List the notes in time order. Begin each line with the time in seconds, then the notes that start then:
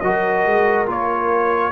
0.00 F#3 F#4 A#4 D#5
0.46 G#3
0.87 A#3 F4 C#5